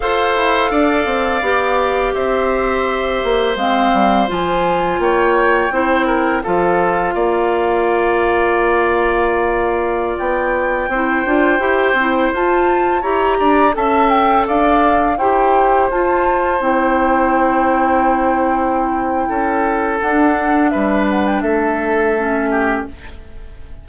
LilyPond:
<<
  \new Staff \with { instrumentName = "flute" } { \time 4/4 \tempo 4 = 84 f''2. e''4~ | e''4 f''4 gis''4 g''4~ | g''4 f''2.~ | f''2~ f''16 g''4.~ g''16~ |
g''4~ g''16 a''4 ais''4 a''8 g''16~ | g''16 f''4 g''4 a''4 g''8.~ | g''1 | fis''4 e''8 fis''16 g''16 e''2 | }
  \new Staff \with { instrumentName = "oboe" } { \time 4/4 c''4 d''2 c''4~ | c''2. cis''4 | c''8 ais'8 a'4 d''2~ | d''2.~ d''16 c''8.~ |
c''2~ c''16 cis''8 d''8 e''8.~ | e''16 d''4 c''2~ c''8.~ | c''2. a'4~ | a'4 b'4 a'4. g'8 | }
  \new Staff \with { instrumentName = "clarinet" } { \time 4/4 a'2 g'2~ | g'4 c'4 f'2 | e'4 f'2.~ | f'2.~ f'16 e'8 f'16~ |
f'16 g'8 e'8 f'4 g'4 a'8.~ | a'4~ a'16 g'4 f'4 e'8.~ | e'1 | d'2. cis'4 | }
  \new Staff \with { instrumentName = "bassoon" } { \time 4/4 f'8 e'8 d'8 c'8 b4 c'4~ | c'8 ais8 gis8 g8 f4 ais4 | c'4 f4 ais2~ | ais2~ ais16 b4 c'8 d'16~ |
d'16 e'8 c'8 f'4 e'8 d'8 cis'8.~ | cis'16 d'4 e'4 f'4 c'8.~ | c'2. cis'4 | d'4 g4 a2 | }
>>